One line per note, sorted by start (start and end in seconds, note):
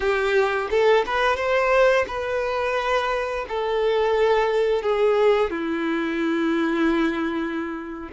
0.00 0.68 G4
0.70 1.05 A4
1.06 1.36 B4
1.36 2.05 C5
2.07 3.45 B4
3.48 4.82 A4
4.82 5.50 G#4
5.50 8.09 E4